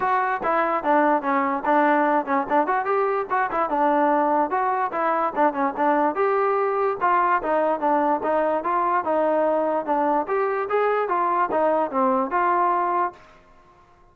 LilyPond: \new Staff \with { instrumentName = "trombone" } { \time 4/4 \tempo 4 = 146 fis'4 e'4 d'4 cis'4 | d'4. cis'8 d'8 fis'8 g'4 | fis'8 e'8 d'2 fis'4 | e'4 d'8 cis'8 d'4 g'4~ |
g'4 f'4 dis'4 d'4 | dis'4 f'4 dis'2 | d'4 g'4 gis'4 f'4 | dis'4 c'4 f'2 | }